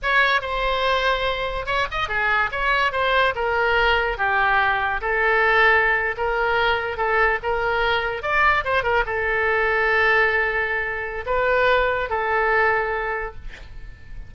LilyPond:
\new Staff \with { instrumentName = "oboe" } { \time 4/4 \tempo 4 = 144 cis''4 c''2. | cis''8 dis''8 gis'4 cis''4 c''4 | ais'2 g'2 | a'2~ a'8. ais'4~ ais'16~ |
ais'8. a'4 ais'2 d''16~ | d''8. c''8 ais'8 a'2~ a'16~ | a'2. b'4~ | b'4 a'2. | }